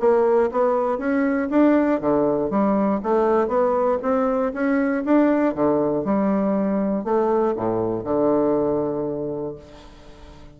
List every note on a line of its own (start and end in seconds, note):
0.00 0.50 A#3
0.52 0.98 B3
0.98 1.49 C#4
1.50 2.01 D4
2.01 2.50 D3
2.50 3.01 G3
3.03 3.48 A3
3.48 3.98 B3
4.02 4.53 C4
4.53 5.04 C#4
5.05 5.55 D4
5.55 6.05 D3
6.05 7.04 G3
7.04 7.54 A3
7.56 8.04 A2
8.04 9.55 D3